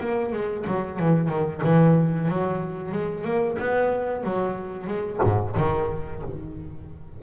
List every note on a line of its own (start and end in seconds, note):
0.00 0.32 A#3
0.32 0.65 G#3
0.67 0.99 F#3
0.99 1.29 E3
1.29 1.61 D#3
1.64 2.28 E3
2.28 2.92 F#3
2.92 3.24 G#3
3.24 3.57 A#3
3.58 4.23 B3
4.23 4.87 F#3
4.87 5.20 G#3
5.23 5.56 G#2
5.57 6.22 D#3